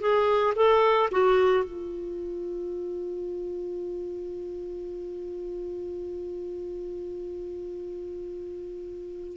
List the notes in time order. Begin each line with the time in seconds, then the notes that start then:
0.00 G#4
0.56 A4
1.12 F#4
1.64 F4